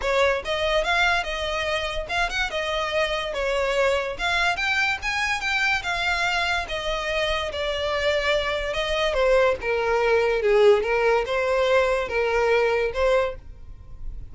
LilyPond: \new Staff \with { instrumentName = "violin" } { \time 4/4 \tempo 4 = 144 cis''4 dis''4 f''4 dis''4~ | dis''4 f''8 fis''8 dis''2 | cis''2 f''4 g''4 | gis''4 g''4 f''2 |
dis''2 d''2~ | d''4 dis''4 c''4 ais'4~ | ais'4 gis'4 ais'4 c''4~ | c''4 ais'2 c''4 | }